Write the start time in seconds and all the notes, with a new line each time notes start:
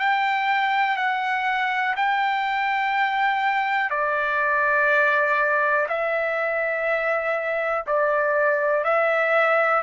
0.00 G5
0.97 F#5
1.96 G5
3.91 D5
5.89 E5
7.87 D5
8.85 E5